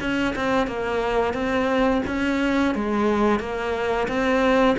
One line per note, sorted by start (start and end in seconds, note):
0.00 0.34 C#4
0.35 0.67 C4
0.67 1.34 A#3
1.34 2.02 C4
2.07 2.75 C#4
2.75 3.39 G#3
3.39 4.08 A#3
4.08 4.76 C4